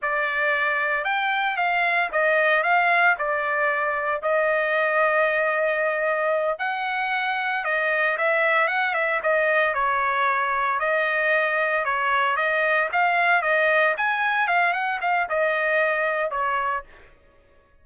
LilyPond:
\new Staff \with { instrumentName = "trumpet" } { \time 4/4 \tempo 4 = 114 d''2 g''4 f''4 | dis''4 f''4 d''2 | dis''1~ | dis''8 fis''2 dis''4 e''8~ |
e''8 fis''8 e''8 dis''4 cis''4.~ | cis''8 dis''2 cis''4 dis''8~ | dis''8 f''4 dis''4 gis''4 f''8 | fis''8 f''8 dis''2 cis''4 | }